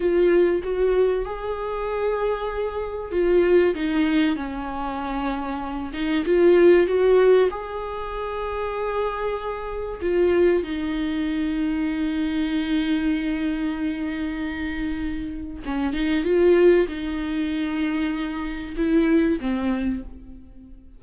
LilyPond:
\new Staff \with { instrumentName = "viola" } { \time 4/4 \tempo 4 = 96 f'4 fis'4 gis'2~ | gis'4 f'4 dis'4 cis'4~ | cis'4. dis'8 f'4 fis'4 | gis'1 |
f'4 dis'2.~ | dis'1~ | dis'4 cis'8 dis'8 f'4 dis'4~ | dis'2 e'4 c'4 | }